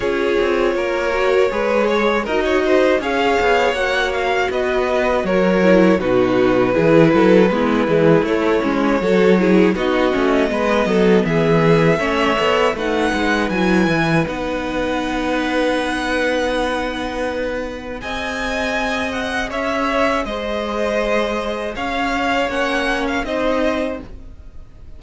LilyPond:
<<
  \new Staff \with { instrumentName = "violin" } { \time 4/4 \tempo 4 = 80 cis''2. dis''4 | f''4 fis''8 f''8 dis''4 cis''4 | b'2. cis''4~ | cis''4 dis''2 e''4~ |
e''4 fis''4 gis''4 fis''4~ | fis''1 | gis''4. fis''8 e''4 dis''4~ | dis''4 f''4 fis''8. f''16 dis''4 | }
  \new Staff \with { instrumentName = "violin" } { \time 4/4 gis'4 ais'4 b'8 cis''8 ais'16 cis''16 c''8 | cis''2 b'4 ais'4 | fis'4 gis'8 a'8 e'2 | a'8 gis'8 fis'4 b'8 a'8 gis'4 |
cis''4 b'2.~ | b'1 | dis''2 cis''4 c''4~ | c''4 cis''2 c''4 | }
  \new Staff \with { instrumentName = "viola" } { \time 4/4 f'4. fis'8 gis'4 fis'4 | gis'4 fis'2~ fis'8 e'8 | dis'4 e'4 b8 gis8 a8 cis'8 | fis'8 e'8 dis'8 cis'8 b2 |
cis'8 a'8 dis'4 e'4 dis'4~ | dis'1 | gis'1~ | gis'2 cis'4 dis'4 | }
  \new Staff \with { instrumentName = "cello" } { \time 4/4 cis'8 c'8 ais4 gis4 dis'4 | cis'8 b8 ais4 b4 fis4 | b,4 e8 fis8 gis8 e8 a8 gis8 | fis4 b8 a8 gis8 fis8 e4 |
a8 b8 a8 gis8 fis8 e8 b4~ | b1 | c'2 cis'4 gis4~ | gis4 cis'4 ais4 c'4 | }
>>